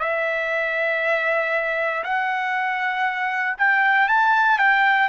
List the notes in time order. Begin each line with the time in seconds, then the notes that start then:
0.00 E5
2.04 F#5
3.58 G5
4.08 A5
4.59 G5